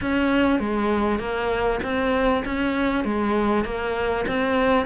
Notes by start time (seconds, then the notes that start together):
0.01 C#4
0.59 G#3
1.19 A#3
1.83 C4
2.45 C#4
3.04 G#3
3.64 A#3
4.27 C4